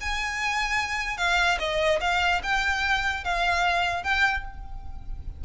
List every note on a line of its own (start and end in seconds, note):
0.00 1.17 G#5
1.17 1.58 F5
1.58 1.99 D#5
2.00 2.41 F5
2.43 3.24 G5
3.24 4.03 F5
4.03 4.44 G5